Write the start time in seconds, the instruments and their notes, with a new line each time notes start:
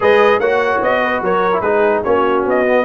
0.00 tuba G#3, trombone G#4, horn B4, trumpet D#5
0.39 tuba A#3, trombone F#4, horn C#5, trumpet F#5
0.81 tuba B3, trumpet D#5
1.04 horn B4
1.21 tuba F#3, horn A#4, trumpet C#5
1.52 trombone E4
1.61 tuba G#3, trombone D#4, horn G#4, trumpet B4
2.03 tuba A#3, trombone C#4, horn F#4, trumpet C#5
2.45 tuba B3, trumpet D#5
2.65 trombone B3